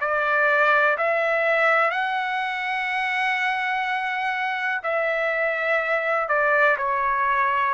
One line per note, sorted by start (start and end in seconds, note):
0.00 0.97 D5
0.97 1.90 E5
1.90 4.81 F#5
4.83 6.28 E5
6.28 6.77 D5
6.77 7.74 C#5